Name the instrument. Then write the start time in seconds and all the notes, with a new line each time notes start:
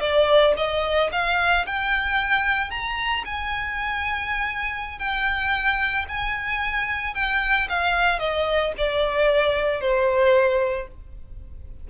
violin
0.00 D5
0.57 D#5
1.12 F5
1.66 G5
2.70 A#5
3.25 G#5
4.98 G5
6.08 G#5
7.14 G5
7.69 F5
8.19 D#5
8.77 D5
9.80 C5